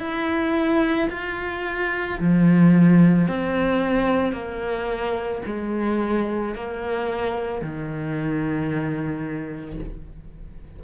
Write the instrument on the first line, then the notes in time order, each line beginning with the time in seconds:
cello
0.00 E4
1.10 F4
2.20 F3
3.28 C4
4.33 A#3
5.46 G#3
6.56 A#3
7.62 D#3